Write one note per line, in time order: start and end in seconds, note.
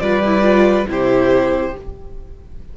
0.00 0.86 G3
0.00 0.23 F4
0.00 0.89 B4
0.00 0.86 D5
0.25 0.43 E4
0.43 0.86 F4
0.88 1.74 C3
0.88 1.74 E4
0.88 1.77 G4
0.88 1.78 C5